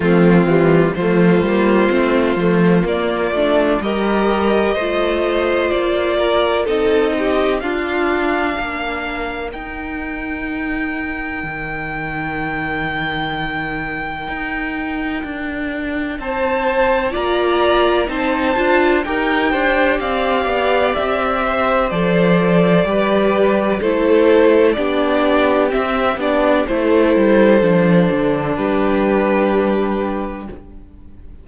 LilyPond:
<<
  \new Staff \with { instrumentName = "violin" } { \time 4/4 \tempo 4 = 63 f'4 c''2 d''4 | dis''2 d''4 dis''4 | f''2 g''2~ | g''1~ |
g''4 a''4 ais''4 a''4 | g''4 f''4 e''4 d''4~ | d''4 c''4 d''4 e''8 d''8 | c''2 b'2 | }
  \new Staff \with { instrumentName = "violin" } { \time 4/4 c'4 f'2. | ais'4 c''4. ais'8 a'8 g'8 | f'4 ais'2.~ | ais'1~ |
ais'4 c''4 d''4 c''4 | ais'8 c''8 d''4. c''4. | b'4 a'4 g'2 | a'2 g'2 | }
  \new Staff \with { instrumentName = "viola" } { \time 4/4 a8 g8 a8 ais8 c'8 a8 ais8 d'8 | g'4 f'2 dis'4 | d'2 dis'2~ | dis'1~ |
dis'2 f'4 dis'8 f'8 | g'2. a'4 | g'4 e'4 d'4 c'8 d'8 | e'4 d'2. | }
  \new Staff \with { instrumentName = "cello" } { \time 4/4 f8 e8 f8 g8 a8 f8 ais8 a8 | g4 a4 ais4 c'4 | d'4 ais4 dis'2 | dis2. dis'4 |
d'4 c'4 ais4 c'8 d'8 | dis'8 d'8 c'8 b8 c'4 f4 | g4 a4 b4 c'8 b8 | a8 g8 f8 d8 g2 | }
>>